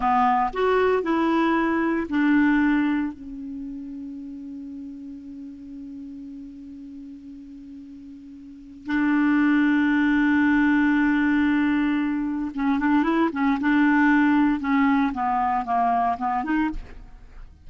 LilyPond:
\new Staff \with { instrumentName = "clarinet" } { \time 4/4 \tempo 4 = 115 b4 fis'4 e'2 | d'2 cis'2~ | cis'1~ | cis'1~ |
cis'4 d'2.~ | d'1 | cis'8 d'8 e'8 cis'8 d'2 | cis'4 b4 ais4 b8 dis'8 | }